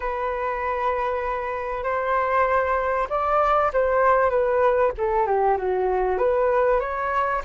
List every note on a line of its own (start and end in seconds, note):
0.00 1.83 B4
1.83 3.07 C5
3.09 3.71 D5
3.73 4.30 C5
4.30 4.91 B4
4.97 5.26 A4
5.26 5.57 G4
5.57 6.18 F#4
6.18 6.80 B4
6.80 7.41 C#5